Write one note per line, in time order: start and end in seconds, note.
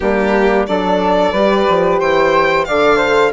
0.00 0.68 G3
0.00 0.67 A#3
0.00 0.67 D4
0.00 0.66 G4
0.66 1.33 F#3
0.66 1.34 D4
0.66 1.32 A4
0.66 1.99 D5
1.32 1.66 G3
1.32 2.68 G4
1.32 1.99 B4
1.68 2.00 F3
1.99 2.67 E3
1.99 2.66 C5
1.99 2.64 G5
2.64 3.32 D3
2.64 3.32 A4
2.64 2.96 D5
2.64 3.31 F5
2.96 3.30 C5